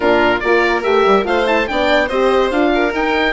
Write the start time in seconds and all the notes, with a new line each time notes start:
0.00 A#2 D4 F4 A#4
0.40 A#3 F4 A#4 D5
0.83 A3 G4 E5
1.06 G3
1.24 A3 F4 C5 F5
1.45 E4 A5
1.67 B3 D4 D5 G5
2.06 C4 G4 C5 D#5
2.50 D4 F4 F5
2.73 A#4
2.91 D#4 G5